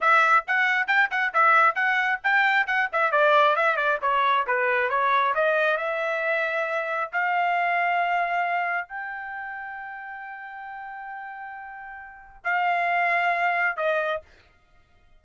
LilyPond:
\new Staff \with { instrumentName = "trumpet" } { \time 4/4 \tempo 4 = 135 e''4 fis''4 g''8 fis''8 e''4 | fis''4 g''4 fis''8 e''8 d''4 | e''8 d''8 cis''4 b'4 cis''4 | dis''4 e''2. |
f''1 | g''1~ | g''1 | f''2. dis''4 | }